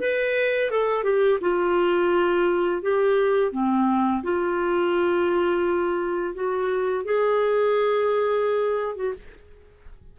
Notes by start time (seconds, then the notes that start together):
0.00 B4
0.71 A4
1.03 G4
1.41 F4
2.82 G4
3.52 C4
4.23 F4
6.34 F#4
7.05 G#4
8.96 F#4